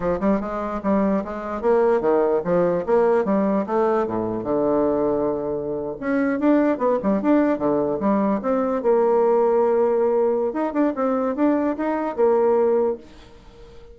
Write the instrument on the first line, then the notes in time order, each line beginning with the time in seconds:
bassoon
0.00 F3
0.20 G3
0.40 G#3
0.83 G3
1.24 G#3
1.61 A#3
2.00 D#3
2.44 F3
2.86 A#3
3.25 G3
3.66 A3
4.07 A2
4.43 D3
6.00 C#4
6.39 D4
6.78 B3
7.02 G3
7.22 D4
7.58 D3
8.00 G3
8.42 C4
8.82 A#3
10.53 D#4
10.73 D4
10.95 C4
11.35 D4
11.77 D#4
12.16 A#3